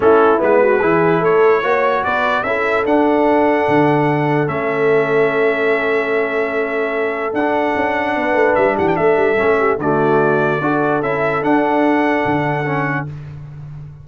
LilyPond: <<
  \new Staff \with { instrumentName = "trumpet" } { \time 4/4 \tempo 4 = 147 a'4 b'2 cis''4~ | cis''4 d''4 e''4 fis''4~ | fis''2. e''4~ | e''1~ |
e''2 fis''2~ | fis''4 e''8 fis''16 g''16 e''2 | d''2. e''4 | fis''1 | }
  \new Staff \with { instrumentName = "horn" } { \time 4/4 e'4. fis'8 gis'4 a'4 | cis''4 b'4 a'2~ | a'1~ | a'1~ |
a'1 | b'4. g'8 a'4. g'8 | fis'2 a'2~ | a'1 | }
  \new Staff \with { instrumentName = "trombone" } { \time 4/4 cis'4 b4 e'2 | fis'2 e'4 d'4~ | d'2. cis'4~ | cis'1~ |
cis'2 d'2~ | d'2. cis'4 | a2 fis'4 e'4 | d'2. cis'4 | }
  \new Staff \with { instrumentName = "tuba" } { \time 4/4 a4 gis4 e4 a4 | ais4 b4 cis'4 d'4~ | d'4 d2 a4~ | a1~ |
a2 d'4 cis'4 | b8 a8 g8 e8 a8 g8 a4 | d2 d'4 cis'4 | d'2 d2 | }
>>